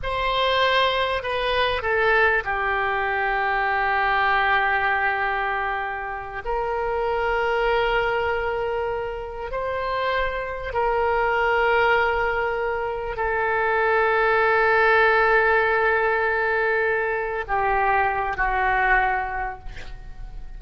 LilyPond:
\new Staff \with { instrumentName = "oboe" } { \time 4/4 \tempo 4 = 98 c''2 b'4 a'4 | g'1~ | g'2~ g'8 ais'4.~ | ais'2.~ ais'8 c''8~ |
c''4. ais'2~ ais'8~ | ais'4. a'2~ a'8~ | a'1~ | a'8 g'4. fis'2 | }